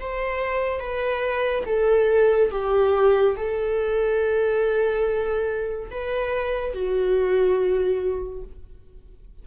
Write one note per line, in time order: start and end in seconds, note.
0.00 0.80 C5
0.80 1.65 B4
1.66 2.51 A4
2.52 3.36 G4
3.37 5.90 A4
5.91 6.74 B4
6.74 8.43 F#4